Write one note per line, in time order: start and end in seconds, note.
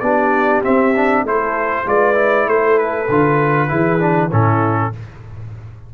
0.00 0.62 B3
0.00 0.63 D4
0.00 1.24 G4
0.00 0.61 D5
0.63 0.94 C4
0.63 1.23 C4
0.63 1.25 E5
0.96 1.26 D4
1.23 1.85 A3
1.23 1.86 E4
1.23 1.85 A4
1.23 1.88 C5
1.85 2.47 G#3
1.85 2.15 F4
1.85 2.48 B4
1.85 2.48 D5
2.15 3.06 E4
2.47 3.08 A3
2.47 3.70 A4
2.47 2.78 C5
2.78 4.31 B4
3.09 3.70 D3
3.09 3.68 F4
3.68 4.32 E3
3.68 3.99 E4
3.68 4.30 G#4
3.99 4.30 D4
4.30 4.93 A2
4.30 4.92 C#4
4.30 4.91 E4
4.30 4.94 A4